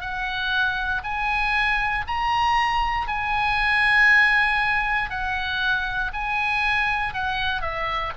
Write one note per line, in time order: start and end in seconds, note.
0.00 1.02 F#5
1.03 2.05 G#5
2.07 3.07 A#5
3.07 5.10 G#5
5.10 6.12 F#5
6.13 7.13 G#5
7.13 7.61 F#5
7.61 8.12 E5